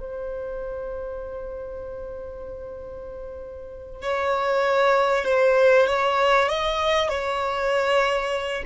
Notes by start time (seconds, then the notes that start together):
0.00 C5
4.03 C#5
5.25 C5
5.87 C#5
6.49 D#5
7.09 C#5